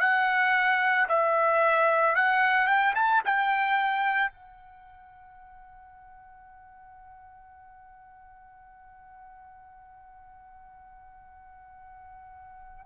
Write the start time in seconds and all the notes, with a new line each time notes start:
0.00 F#5
1.09 E5
2.16 F#5
2.67 G5
2.95 A5
3.25 G5
4.32 F#5